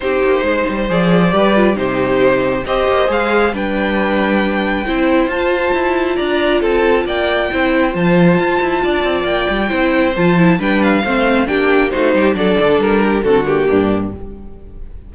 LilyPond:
<<
  \new Staff \with { instrumentName = "violin" } { \time 4/4 \tempo 4 = 136 c''2 d''2 | c''2 dis''4 f''4 | g''1 | a''2 ais''4 a''4 |
g''2 a''2~ | a''4 g''2 a''4 | g''8 f''4. g''4 c''4 | d''4 ais'4 a'8 g'4. | }
  \new Staff \with { instrumentName = "violin" } { \time 4/4 g'4 c''2 b'4 | g'2 c''2 | b'2. c''4~ | c''2 d''4 a'4 |
d''4 c''2. | d''2 c''2 | b'4 c''4 g'4 fis'8 g'8 | a'4. g'8 fis'4 d'4 | }
  \new Staff \with { instrumentName = "viola" } { \time 4/4 dis'2 gis'4 g'8 f'8 | dis'2 g'4 gis'4 | d'2. e'4 | f'1~ |
f'4 e'4 f'2~ | f'2 e'4 f'8 e'8 | d'4 c'4 d'4 dis'4 | d'2 c'8 ais4. | }
  \new Staff \with { instrumentName = "cello" } { \time 4/4 c'8 ais8 gis8 g8 f4 g4 | c2 c'8 ais8 gis4 | g2. c'4 | f'4 e'4 d'4 c'4 |
ais4 c'4 f4 f'8 e'8 | d'8 c'8 ais8 g8 c'4 f4 | g4 a4 ais4 a8 g8 | fis8 d8 g4 d4 g,4 | }
>>